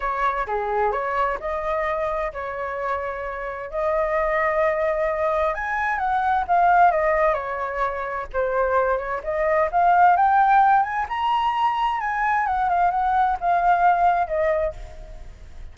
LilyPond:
\new Staff \with { instrumentName = "flute" } { \time 4/4 \tempo 4 = 130 cis''4 gis'4 cis''4 dis''4~ | dis''4 cis''2. | dis''1 | gis''4 fis''4 f''4 dis''4 |
cis''2 c''4. cis''8 | dis''4 f''4 g''4. gis''8 | ais''2 gis''4 fis''8 f''8 | fis''4 f''2 dis''4 | }